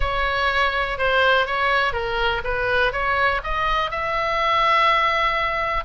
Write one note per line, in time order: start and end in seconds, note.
0.00 0.98 C#5
0.98 1.46 C5
1.46 1.92 C#5
1.92 2.41 A#4
2.44 2.92 B4
2.92 3.41 C#5
3.43 3.90 D#5
3.90 5.84 E5